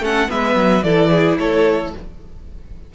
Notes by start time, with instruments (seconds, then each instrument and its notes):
0.00 cello A3, viola C#4, violin A4 F#5
0.28 cello G#3, viola B3, violin B4 E5
0.56 cello F#3
0.83 cello E3, viola E4, violin A4 D5
1.11 violin G#4
1.39 cello A3, violin A4 C#5